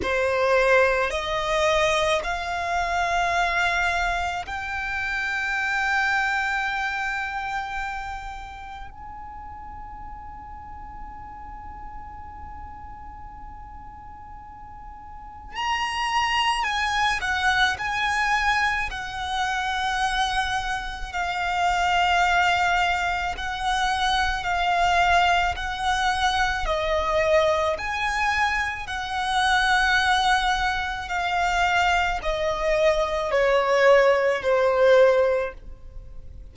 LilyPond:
\new Staff \with { instrumentName = "violin" } { \time 4/4 \tempo 4 = 54 c''4 dis''4 f''2 | g''1 | gis''1~ | gis''2 ais''4 gis''8 fis''8 |
gis''4 fis''2 f''4~ | f''4 fis''4 f''4 fis''4 | dis''4 gis''4 fis''2 | f''4 dis''4 cis''4 c''4 | }